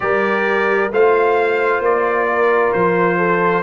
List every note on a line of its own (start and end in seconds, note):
0.00 0.91 G3
0.00 0.89 G4
0.00 0.92 A#4
0.00 0.91 D5
0.91 1.79 A3
0.91 3.63 F4
0.91 2.28 C5
0.91 1.84 F5
1.79 2.70 A#3
1.79 2.72 D5
2.29 3.17 A#4
2.72 3.63 F3
2.72 3.63 C5
3.17 3.63 A4